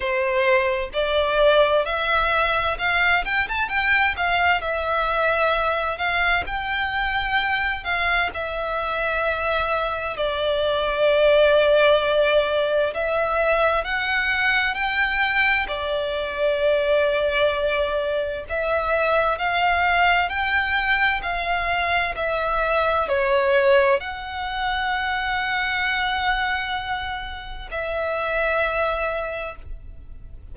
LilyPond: \new Staff \with { instrumentName = "violin" } { \time 4/4 \tempo 4 = 65 c''4 d''4 e''4 f''8 g''16 a''16 | g''8 f''8 e''4. f''8 g''4~ | g''8 f''8 e''2 d''4~ | d''2 e''4 fis''4 |
g''4 d''2. | e''4 f''4 g''4 f''4 | e''4 cis''4 fis''2~ | fis''2 e''2 | }